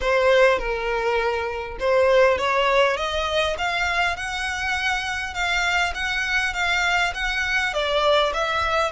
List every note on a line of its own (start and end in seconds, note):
0.00 0.59 C5
0.59 1.77 A#4
1.79 2.38 C5
2.38 2.96 C#5
2.96 3.56 D#5
3.58 4.16 F5
4.16 5.34 F#5
5.34 5.93 F5
5.94 6.53 F#5
6.53 7.13 F5
7.14 7.73 F#5
7.73 8.32 D5
8.33 8.91 E5